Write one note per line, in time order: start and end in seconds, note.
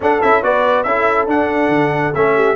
0.00 0.21 D4
0.00 0.22 D4
0.00 0.43 A4
0.00 0.21 F#5
0.21 0.42 C#4
0.21 0.42 E4
0.21 0.43 E5
0.42 0.84 B3
0.42 0.85 F#4
0.42 0.86 B4
0.42 0.83 D5
0.83 1.27 C#4
0.83 1.27 E4
0.83 2.35 A4
0.83 1.26 E5
1.27 1.68 D4
1.27 2.13 D4
1.27 2.14 F#5
1.68 2.11 D3
2.14 2.55 A3
2.14 2.55 C#4
2.14 2.55 E5
2.35 2.55 G4